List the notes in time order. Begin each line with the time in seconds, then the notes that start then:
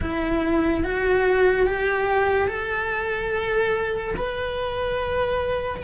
0.00 E4
0.84 F#4
1.66 G4
2.48 A4
4.17 B4